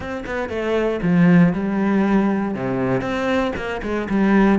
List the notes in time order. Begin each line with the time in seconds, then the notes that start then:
0.00 C4
0.25 B3
0.49 A3
1.02 F3
1.53 G3
2.54 C3
3.01 C4
3.55 A#3
3.82 G#3
4.09 G3